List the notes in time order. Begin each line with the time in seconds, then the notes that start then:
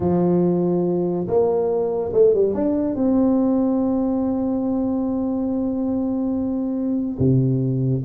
0.00 F3
1.27 A#3
2.13 A3
2.34 G3
2.54 D4
2.95 C4
7.19 C3